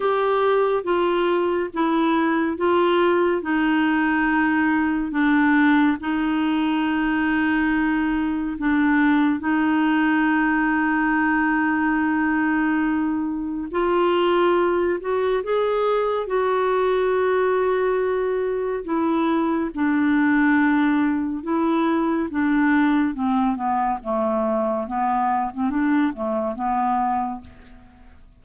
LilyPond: \new Staff \with { instrumentName = "clarinet" } { \time 4/4 \tempo 4 = 70 g'4 f'4 e'4 f'4 | dis'2 d'4 dis'4~ | dis'2 d'4 dis'4~ | dis'1 |
f'4. fis'8 gis'4 fis'4~ | fis'2 e'4 d'4~ | d'4 e'4 d'4 c'8 b8 | a4 b8. c'16 d'8 a8 b4 | }